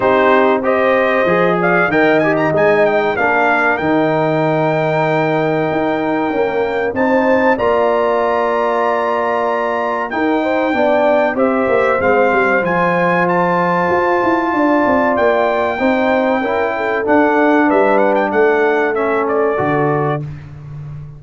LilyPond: <<
  \new Staff \with { instrumentName = "trumpet" } { \time 4/4 \tempo 4 = 95 c''4 dis''4. f''8 g''8 gis''16 ais''16 | gis''8 g''8 f''4 g''2~ | g''2. a''4 | ais''1 |
g''2 e''4 f''4 | gis''4 a''2. | g''2. fis''4 | e''8 fis''16 g''16 fis''4 e''8 d''4. | }
  \new Staff \with { instrumentName = "horn" } { \time 4/4 g'4 c''4. d''8 dis''4~ | dis''4 ais'2.~ | ais'2. c''4 | d''1 |
ais'8 c''8 d''4 c''2~ | c''2. d''4~ | d''4 c''4 ais'8 a'4. | b'4 a'2. | }
  \new Staff \with { instrumentName = "trombone" } { \time 4/4 dis'4 g'4 gis'4 ais'8 g'8 | dis'4 d'4 dis'2~ | dis'2 ais4 dis'4 | f'1 |
dis'4 d'4 g'4 c'4 | f'1~ | f'4 dis'4 e'4 d'4~ | d'2 cis'4 fis'4 | }
  \new Staff \with { instrumentName = "tuba" } { \time 4/4 c'2 f4 dis4 | gis4 ais4 dis2~ | dis4 dis'4 cis'4 c'4 | ais1 |
dis'4 b4 c'8 ais8 gis8 g8 | f2 f'8 e'8 d'8 c'8 | ais4 c'4 cis'4 d'4 | g4 a2 d4 | }
>>